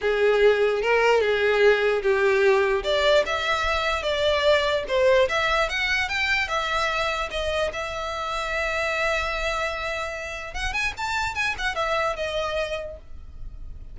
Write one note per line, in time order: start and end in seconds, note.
0.01 0.82 G#4
0.82 1.20 A#4
1.20 2.01 G#4
2.02 2.83 G4
2.83 3.24 D5
3.26 4.02 E5
4.02 4.84 D5
4.88 5.28 C5
5.29 5.69 E5
5.69 6.08 F#5
6.08 6.48 G5
6.48 7.29 E5
7.30 7.71 D#5
7.72 10.54 E5
10.54 10.73 F#5
10.73 10.93 G#5
10.97 11.35 A5
11.35 11.55 G#5
11.58 11.75 F#5
11.75 12.15 E5
12.16 12.97 D#5